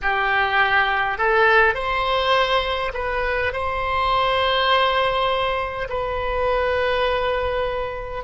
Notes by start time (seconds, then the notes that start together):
0.02 G4
1.18 A4
1.74 C5
2.94 B4
3.52 C5
5.89 B4